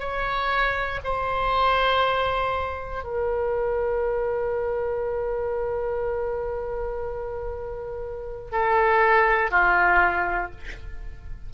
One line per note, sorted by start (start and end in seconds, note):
0.00 1.00 C#5
1.04 3.04 C5
3.04 8.52 A#4
8.52 9.51 A4
9.51 10.51 F4